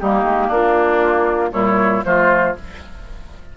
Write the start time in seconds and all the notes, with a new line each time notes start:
0.00 G3 A#3 D#4 G4
0.24 G#3
0.47 A#3 D4 F4
1.52 A#2 G3 E4 C#5
2.04 F3 A3 F4 C5